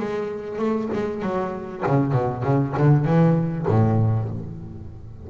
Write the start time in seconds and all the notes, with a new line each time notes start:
0.00 G#3
0.59 A3
0.94 G#3
1.23 F#3
1.87 C#3
2.13 B2
2.44 C#3
2.78 D3
3.06 E3
3.68 A2